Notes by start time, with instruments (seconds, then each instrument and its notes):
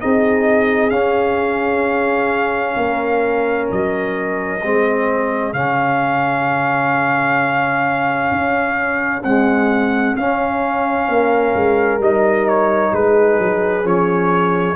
0.00 tuba C4, trombone D#4, horn G#4, trumpet D#5
0.90 tuba C#4, trombone C#4, trumpet F5
2.76 tuba A#3, horn A#4
3.71 tuba F#3, trumpet D#5
4.63 tuba G#3, trombone C4, horn G#4
5.53 tuba C#3, trombone C#4, trumpet F5
8.31 tuba C#4
9.23 trombone G#3, tuba C4, trumpet F#5
10.16 tuba C#4, trombone C#4, trumpet F5
11.08 tuba A#3, horn A#4
11.55 tuba G#3
11.98 tuba G3, trombone D#4, trumpet D#5
12.48 trumpet C#5
12.92 tuba G#3, horn G#4, trumpet B4
13.38 tuba F#3
13.82 tuba F3, trombone C#4, trumpet C#5